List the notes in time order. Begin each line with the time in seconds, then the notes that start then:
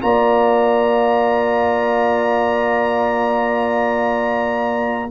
0.00 A#3 F4 D5 A#5